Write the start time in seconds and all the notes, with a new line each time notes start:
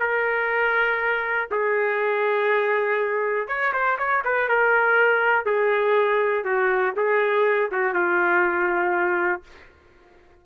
0.00 A#4
1.51 G#4
3.48 C#5
3.73 C5
3.98 C#5
4.25 B4
4.48 A#4
5.45 G#4
6.44 F#4
6.96 G#4
7.71 F#4
7.94 F4